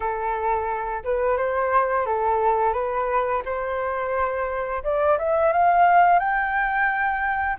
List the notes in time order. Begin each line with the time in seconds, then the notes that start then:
0.00 A4
1.03 B4
1.37 C5
2.06 A4
2.73 B4
3.45 C5
4.83 D5
5.18 E5
5.52 F5
6.19 G5